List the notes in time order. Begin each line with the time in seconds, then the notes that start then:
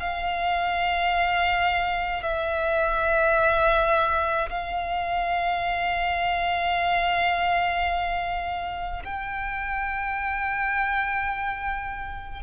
0.00 F5
2.23 E5
4.50 F5
9.04 G5